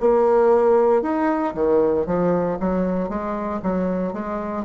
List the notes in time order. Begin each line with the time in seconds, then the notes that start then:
0.00 A#3
1.02 D#4
1.54 D#3
2.06 F3
2.60 F#3
3.09 G#3
3.63 F#3
4.13 G#3